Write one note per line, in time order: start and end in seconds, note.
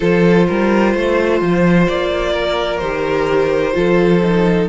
0.00 0.47 F3
0.00 2.80 F4
0.00 0.46 A4
0.00 1.87 C5
0.47 0.94 G3
0.47 0.94 A#4
0.94 1.41 A3
0.94 2.32 C5
1.41 1.88 F3
1.87 2.80 A#3
1.87 2.78 D5
2.32 3.73 A#4
2.78 3.74 D#3
2.78 3.73 G4
2.78 4.65 C5
3.73 4.69 F3
3.73 4.20 F4
3.73 4.69 A4
4.22 4.69 D#4